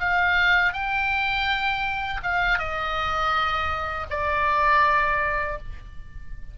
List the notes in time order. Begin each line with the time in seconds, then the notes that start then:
0.00 F5
0.73 G5
2.23 F5
2.59 D#5
4.10 D5